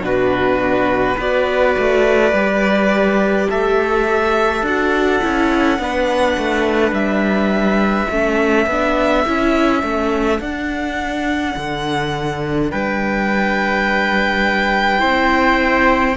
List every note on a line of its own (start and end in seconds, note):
0.00 1.15 B2
0.00 1.18 D4
0.00 1.16 F#4
0.00 1.20 B4
1.16 1.76 B3
1.16 2.33 F#4
1.16 3.47 B4
1.16 3.50 D5
1.78 2.32 A3
2.32 3.48 G3
2.32 4.66 G4
3.50 4.62 A3
3.50 5.81 A4
3.50 4.65 E5
4.62 5.20 D4
4.62 5.22 F#4
4.62 6.94 F#5
5.22 5.79 C#4
5.22 5.79 E4
5.79 6.37 B3
5.79 8.10 D4
5.79 8.12 B4
6.37 6.92 A3
6.92 8.07 G3
6.92 10.40 E5
8.11 8.67 A3
8.11 8.69 C#4
8.11 12.71 A4
8.67 9.24 B3
8.67 9.27 D4
9.27 9.83 C#4
9.27 9.83 E4
9.83 10.40 A3
9.83 10.40 C#4
10.40 11.55 D4
10.40 14.99 D4
10.40 12.71 F#5
11.56 12.72 D3
12.71 15.02 G3
12.71 15.01 B4
12.71 16.17 G5
14.99 16.17 C4
14.99 16.14 E4
14.99 16.16 C5